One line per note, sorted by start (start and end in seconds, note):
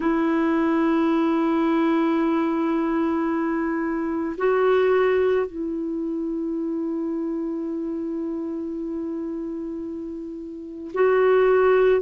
0.00 4.36 E4
4.37 5.46 F#4
5.46 10.91 E4
10.94 12.01 F#4